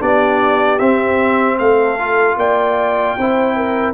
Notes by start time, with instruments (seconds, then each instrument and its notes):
0.00 tuba B3, trombone D4, horn G4, trumpet D5
0.79 tuba C4, trombone C4, trumpet E5
1.59 tuba A3, horn A4, trumpet F5
1.99 trombone F4
2.37 tuba A#3, horn D5, trumpet G5
3.18 tuba C4, trombone E4, horn C5
3.56 horn A#4